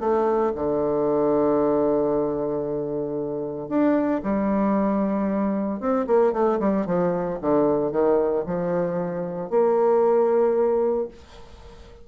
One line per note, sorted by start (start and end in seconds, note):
0.00 0.53 A3
0.55 3.69 D3
3.69 4.21 D4
4.23 5.80 G3
5.80 6.06 C4
6.07 6.33 A#3
6.33 6.59 A3
6.60 6.86 G3
6.86 7.39 F3
7.41 7.92 D3
7.92 8.44 D#3
8.46 9.50 F3
9.50 11.08 A#3